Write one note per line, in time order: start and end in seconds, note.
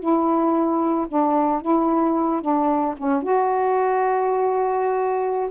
0.00 1.07 E4
1.09 1.62 D4
1.62 2.42 E4
2.42 2.95 D4
2.98 3.23 C#4
3.23 5.51 F#4